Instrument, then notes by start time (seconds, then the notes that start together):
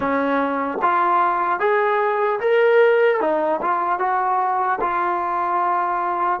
trombone
0.00 C#4
0.81 F4
1.59 G#4
2.40 A#4
3.20 D#4
3.61 F4
3.99 F#4
4.80 F4